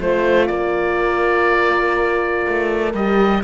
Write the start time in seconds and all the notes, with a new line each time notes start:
0.00 A3 F4 C5
0.47 A#3 A#4 D5
2.48 A3
2.94 G3 G4 D#5